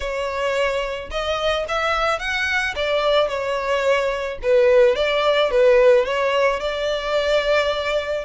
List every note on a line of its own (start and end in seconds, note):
0.00 1.10 C#5
1.10 1.65 D#5
1.68 2.19 E5
2.19 2.74 F#5
2.75 3.28 D5
3.28 4.38 C#5
4.42 4.95 B4
4.95 5.50 D5
5.50 6.05 B4
6.05 6.59 C#5
6.59 8.24 D5